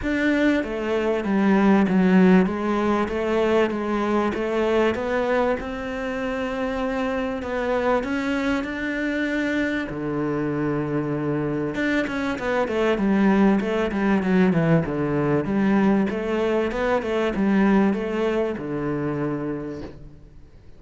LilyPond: \new Staff \with { instrumentName = "cello" } { \time 4/4 \tempo 4 = 97 d'4 a4 g4 fis4 | gis4 a4 gis4 a4 | b4 c'2. | b4 cis'4 d'2 |
d2. d'8 cis'8 | b8 a8 g4 a8 g8 fis8 e8 | d4 g4 a4 b8 a8 | g4 a4 d2 | }